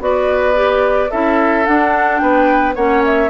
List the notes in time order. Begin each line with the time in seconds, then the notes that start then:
0.00 B3 F#4 B4 D5
0.55 G4
1.11 C#4 E4 A4 E5
1.66 D4 F#5
2.19 B3 B4 G5
2.75 A#3 C#4 C#5 F#5
3.05 E5